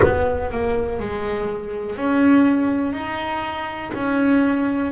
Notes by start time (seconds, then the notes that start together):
0.02 B3
0.51 A#3
0.99 G#3
1.96 C#4
2.92 D#4
3.93 C#4